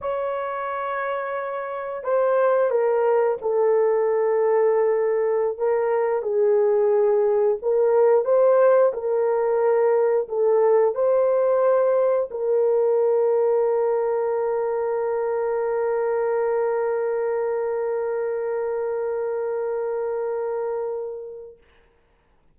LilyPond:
\new Staff \with { instrumentName = "horn" } { \time 4/4 \tempo 4 = 89 cis''2. c''4 | ais'4 a'2.~ | a'16 ais'4 gis'2 ais'8.~ | ais'16 c''4 ais'2 a'8.~ |
a'16 c''2 ais'4.~ ais'16~ | ais'1~ | ais'1~ | ais'1 | }